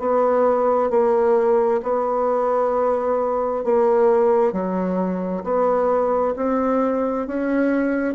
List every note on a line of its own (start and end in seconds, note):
0.00 0.90 B3
0.90 1.81 A#3
1.83 3.65 B3
3.65 4.53 A#3
4.53 5.44 F#3
5.44 6.35 B3
6.37 7.28 C4
7.28 8.15 C#4